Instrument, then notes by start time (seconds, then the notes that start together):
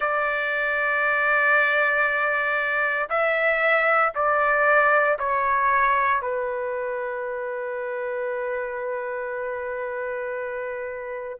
trumpet
0.00 D5
3.09 E5
4.14 D5
5.18 C#5
6.21 B4